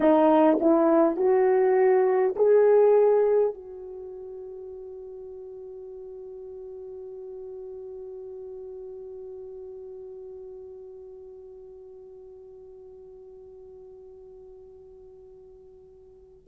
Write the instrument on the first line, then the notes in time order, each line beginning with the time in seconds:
horn
0.00 D#4
0.60 E4
1.16 F#4
2.36 G#4
3.53 F#4